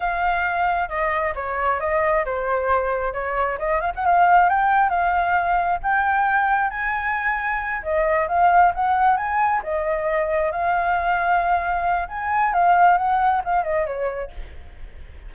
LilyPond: \new Staff \with { instrumentName = "flute" } { \time 4/4 \tempo 4 = 134 f''2 dis''4 cis''4 | dis''4 c''2 cis''4 | dis''8 f''16 fis''16 f''4 g''4 f''4~ | f''4 g''2 gis''4~ |
gis''4. dis''4 f''4 fis''8~ | fis''8 gis''4 dis''2 f''8~ | f''2. gis''4 | f''4 fis''4 f''8 dis''8 cis''4 | }